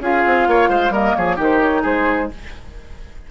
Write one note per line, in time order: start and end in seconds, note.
0.00 0.23 C#4
0.00 0.92 F4
0.00 0.48 G#4
0.00 0.94 F5
0.26 0.48 C4
0.48 0.69 A#3
0.48 0.70 C#5
0.69 0.90 G#3
0.69 0.93 C5
0.90 1.13 G3
0.90 1.37 A#3
0.90 1.16 A#4
0.90 1.16 D#5
1.16 1.38 F3
1.16 1.36 G#4
1.16 1.39 C#5
1.36 1.85 D#3
1.36 2.30 D#4
1.36 1.82 G4
1.43 1.61 C5
1.61 1.84 C#5
1.82 2.31 G#3
1.82 2.29 G#4
1.82 2.31 C5